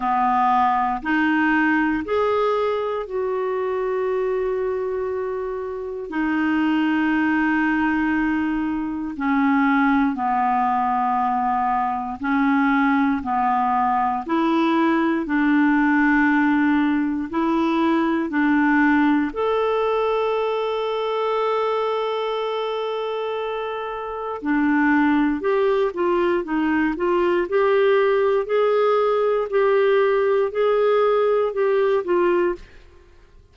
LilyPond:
\new Staff \with { instrumentName = "clarinet" } { \time 4/4 \tempo 4 = 59 b4 dis'4 gis'4 fis'4~ | fis'2 dis'2~ | dis'4 cis'4 b2 | cis'4 b4 e'4 d'4~ |
d'4 e'4 d'4 a'4~ | a'1 | d'4 g'8 f'8 dis'8 f'8 g'4 | gis'4 g'4 gis'4 g'8 f'8 | }